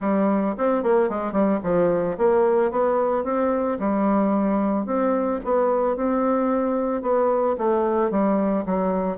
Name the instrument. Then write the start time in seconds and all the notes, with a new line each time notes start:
bassoon
0.00 G3
0.57 C4
0.83 A#3
1.09 G#3
1.32 G3
1.63 F3
2.17 A#3
2.71 B3
3.24 C4
3.79 G3
4.86 C4
5.44 B3
5.96 C4
7.01 B3
7.58 A3
8.10 G3
8.65 F#3